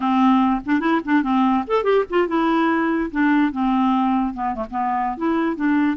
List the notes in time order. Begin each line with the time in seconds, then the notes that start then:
0.00 C4
0.65 D4
0.80 E4
1.04 D4
1.23 C4
1.67 A4
1.83 G4
2.10 F4
2.27 E4
3.11 D4
3.52 C4
4.34 B3
4.55 A3
4.70 B3
5.17 E4
5.56 D4